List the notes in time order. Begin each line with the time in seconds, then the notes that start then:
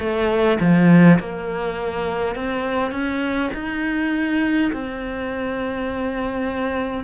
0.00 A3
0.60 F3
1.20 A#3
2.36 C4
2.92 C#4
3.55 D#4
4.73 C4